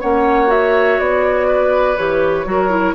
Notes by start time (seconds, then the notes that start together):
0.00 A#3 C#4 C#5 F#5
0.47 F#4 E5
0.99 B3 D5
1.47 B4
1.97 E3 G4 C#5
2.45 F#3 F#4 A#4
2.70 E4